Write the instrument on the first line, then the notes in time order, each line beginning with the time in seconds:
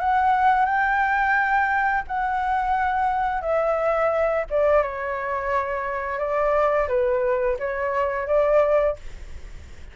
flute
0.00 F#5
0.66 G5
2.08 F#5
3.41 E5
4.50 D5
4.83 C#5
6.19 D5
6.89 B4
7.59 C#5
8.28 D5